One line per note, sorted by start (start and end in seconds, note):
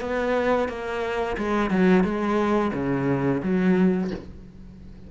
0.00 0.68 B3
0.68 1.36 A#3
1.37 1.70 G#3
1.70 2.03 F#3
2.03 2.71 G#3
2.73 3.41 C#3
3.42 4.10 F#3